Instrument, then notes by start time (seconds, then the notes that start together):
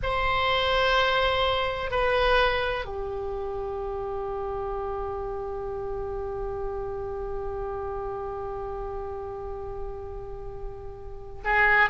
oboe
0.03 C5
1.90 B4
2.85 G4
11.44 G#4